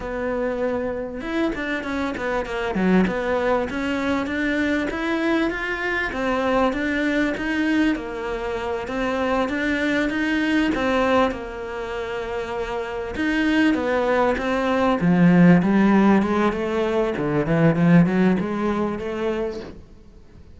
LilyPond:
\new Staff \with { instrumentName = "cello" } { \time 4/4 \tempo 4 = 98 b2 e'8 d'8 cis'8 b8 | ais8 fis8 b4 cis'4 d'4 | e'4 f'4 c'4 d'4 | dis'4 ais4. c'4 d'8~ |
d'8 dis'4 c'4 ais4.~ | ais4. dis'4 b4 c'8~ | c'8 f4 g4 gis8 a4 | d8 e8 f8 fis8 gis4 a4 | }